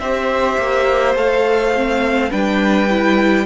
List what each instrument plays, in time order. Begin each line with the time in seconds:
0.00 cello C4, viola G4, violin C5 E5
0.58 cello A#3
1.16 cello A3, viola A4, violin F5
1.74 viola C4
2.30 cello G3, viola D4, violin B4 G5
2.90 viola E4